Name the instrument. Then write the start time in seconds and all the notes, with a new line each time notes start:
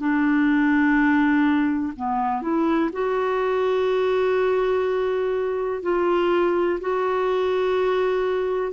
clarinet
0.00 D4
1.97 B3
2.42 E4
2.93 F#4
5.83 F4
6.81 F#4